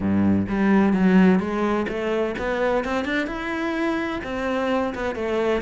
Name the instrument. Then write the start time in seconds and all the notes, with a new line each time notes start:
cello
0.00 G2
0.48 G3
0.93 F#3
1.39 G#3
1.88 A3
2.38 B3
2.84 C4
3.04 D4
3.26 E4
4.23 C4
4.94 B3
5.15 A3